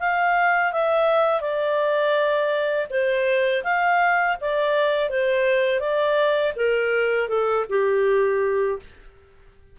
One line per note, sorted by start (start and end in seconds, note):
0.00 0.73 F5
0.73 1.41 E5
1.41 2.88 D5
2.91 3.64 C5
3.64 4.37 F5
4.41 5.10 D5
5.10 5.80 C5
5.80 6.54 D5
6.57 7.29 A#4
7.29 7.66 A4
7.70 8.80 G4